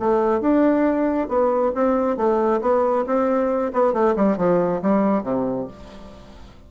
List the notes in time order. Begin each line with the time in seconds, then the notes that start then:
0.00 A3
0.41 D4
1.29 B3
1.75 C4
2.17 A3
2.62 B3
3.07 C4
3.73 B3
3.93 A3
4.16 G3
4.38 F3
4.82 G3
5.24 C3